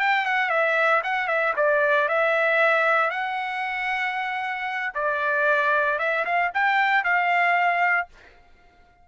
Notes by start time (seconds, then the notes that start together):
0.00 G5
0.26 F#5
0.50 E5
1.04 F#5
1.28 E5
1.57 D5
2.09 E5
3.11 F#5
4.95 D5
5.99 E5
6.26 F5
6.54 G5
7.04 F5